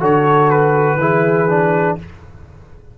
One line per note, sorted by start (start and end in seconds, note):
0.00 0.97 D3
0.00 0.98 F#4
0.00 0.98 A4
0.00 0.50 C#5
0.50 1.98 B4
0.97 1.95 E3
0.97 1.49 E4
0.97 1.98 G#4
1.49 1.98 D4